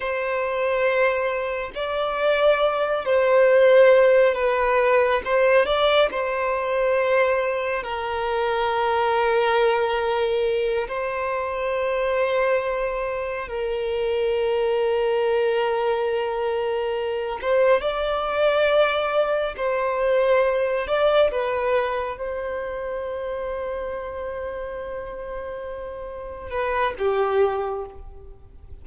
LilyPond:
\new Staff \with { instrumentName = "violin" } { \time 4/4 \tempo 4 = 69 c''2 d''4. c''8~ | c''4 b'4 c''8 d''8 c''4~ | c''4 ais'2.~ | ais'8 c''2. ais'8~ |
ais'1 | c''8 d''2 c''4. | d''8 b'4 c''2~ c''8~ | c''2~ c''8 b'8 g'4 | }